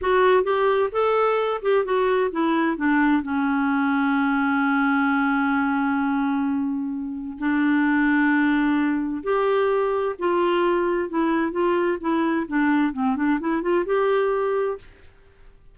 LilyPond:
\new Staff \with { instrumentName = "clarinet" } { \time 4/4 \tempo 4 = 130 fis'4 g'4 a'4. g'8 | fis'4 e'4 d'4 cis'4~ | cis'1~ | cis'1 |
d'1 | g'2 f'2 | e'4 f'4 e'4 d'4 | c'8 d'8 e'8 f'8 g'2 | }